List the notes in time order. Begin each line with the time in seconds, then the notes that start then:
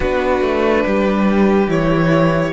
0.00 B3 D4 F#4 B4
0.41 A3
0.86 G3 G4
1.67 E3 E4 C#5